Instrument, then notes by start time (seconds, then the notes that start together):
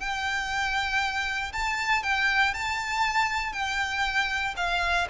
violin
0.00 G5
1.53 A5
2.03 G5
2.54 A5
3.53 G5
4.57 F5